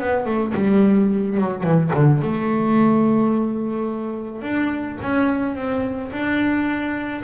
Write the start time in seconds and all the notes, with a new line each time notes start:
0.00 B3
0.26 A3
0.54 G3
1.38 F#3
1.63 E3
1.94 D3
2.22 A3
4.42 D4
5.02 C#4
5.56 C4
6.12 D4